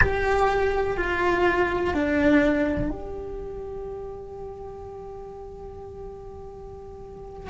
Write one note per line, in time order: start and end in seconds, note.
0.00 0.97 G4
0.97 1.94 F4
1.94 2.90 D4
2.90 7.50 G4